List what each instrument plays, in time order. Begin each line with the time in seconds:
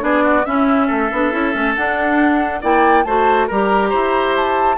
0.00 bassoon B3, clarinet D4, oboe G#4, flute D5
0.23 oboe F#4
0.45 bassoon C#4, clarinet C#4, oboe E4, flute E5
0.87 bassoon A3, oboe A4
1.12 bassoon B3, clarinet D4
1.32 bassoon C#4, clarinet E4
1.52 bassoon A3, clarinet C#4
1.75 bassoon D4, clarinet D4, flute F#5
2.61 bassoon A#3, clarinet E4, oboe D5, flute G5
3.04 bassoon A3, clarinet F#4, oboe C5, flute A5
3.47 bassoon G3, clarinet G4, oboe A#4, flute A#5
3.90 bassoon E4, oboe C5
4.36 flute A5